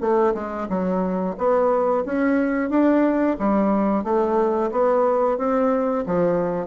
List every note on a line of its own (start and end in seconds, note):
0.00 0.33 A3
0.34 0.67 G#3
0.69 1.35 F#3
1.37 2.04 B3
2.05 2.69 C#4
2.69 3.36 D4
3.38 4.03 G3
4.03 4.70 A3
4.71 5.38 B3
5.38 6.04 C4
6.06 6.66 F3